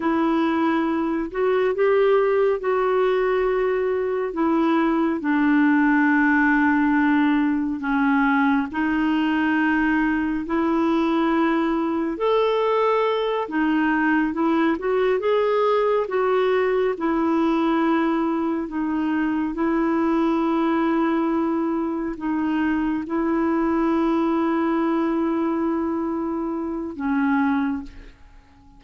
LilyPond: \new Staff \with { instrumentName = "clarinet" } { \time 4/4 \tempo 4 = 69 e'4. fis'8 g'4 fis'4~ | fis'4 e'4 d'2~ | d'4 cis'4 dis'2 | e'2 a'4. dis'8~ |
dis'8 e'8 fis'8 gis'4 fis'4 e'8~ | e'4. dis'4 e'4.~ | e'4. dis'4 e'4.~ | e'2. cis'4 | }